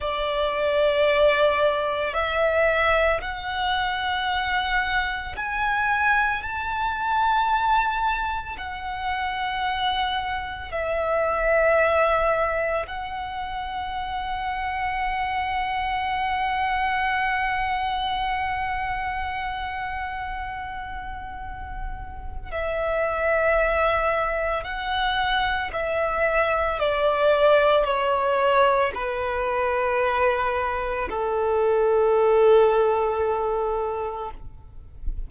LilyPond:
\new Staff \with { instrumentName = "violin" } { \time 4/4 \tempo 4 = 56 d''2 e''4 fis''4~ | fis''4 gis''4 a''2 | fis''2 e''2 | fis''1~ |
fis''1~ | fis''4 e''2 fis''4 | e''4 d''4 cis''4 b'4~ | b'4 a'2. | }